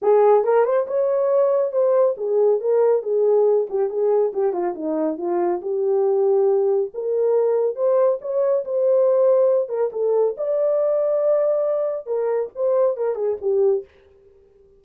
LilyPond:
\new Staff \with { instrumentName = "horn" } { \time 4/4 \tempo 4 = 139 gis'4 ais'8 c''8 cis''2 | c''4 gis'4 ais'4 gis'4~ | gis'8 g'8 gis'4 g'8 f'8 dis'4 | f'4 g'2. |
ais'2 c''4 cis''4 | c''2~ c''8 ais'8 a'4 | d''1 | ais'4 c''4 ais'8 gis'8 g'4 | }